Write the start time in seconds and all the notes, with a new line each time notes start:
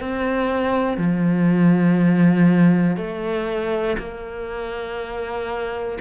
0.00 C4
0.97 F3
2.97 A3
3.98 A#3